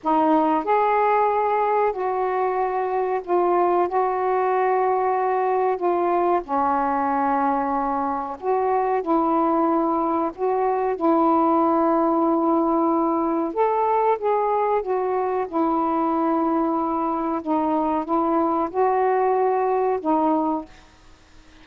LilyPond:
\new Staff \with { instrumentName = "saxophone" } { \time 4/4 \tempo 4 = 93 dis'4 gis'2 fis'4~ | fis'4 f'4 fis'2~ | fis'4 f'4 cis'2~ | cis'4 fis'4 e'2 |
fis'4 e'2.~ | e'4 a'4 gis'4 fis'4 | e'2. dis'4 | e'4 fis'2 dis'4 | }